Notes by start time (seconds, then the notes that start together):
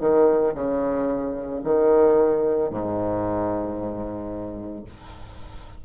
0.00 D#3
0.55 C#3
1.64 D#3
2.70 G#2